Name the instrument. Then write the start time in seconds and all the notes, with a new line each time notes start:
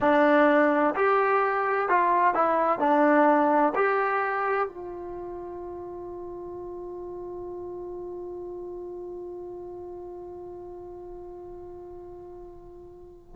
trombone
0.00 D4
0.95 G4
1.88 F4
2.34 E4
2.79 D4
3.75 G4
4.67 F4